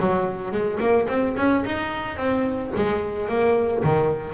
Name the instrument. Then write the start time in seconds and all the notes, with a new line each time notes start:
double bass
0.00 F#3
0.51 G#3
0.80 A#3
1.08 C4
1.36 C#4
1.65 D#4
2.17 C4
2.76 G#3
3.28 A#3
3.84 D#3